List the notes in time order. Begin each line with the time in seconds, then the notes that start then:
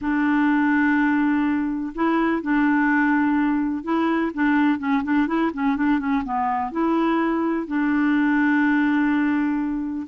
0.01 D4
1.94 E4
2.42 D4
3.83 E4
4.34 D4
4.78 C#4
5.03 D4
5.27 E4
5.53 C#4
5.76 D4
5.99 C#4
6.24 B3
6.71 E4
7.67 D4